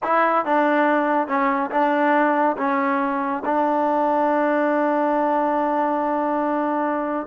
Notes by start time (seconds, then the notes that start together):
0.03 E4
0.45 D4
1.27 C#4
1.70 D4
2.57 C#4
3.45 D4